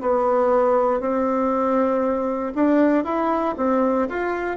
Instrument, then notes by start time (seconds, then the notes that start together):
bassoon
0.00 B3
1.00 C4
2.55 D4
3.04 E4
3.56 C4
4.09 F4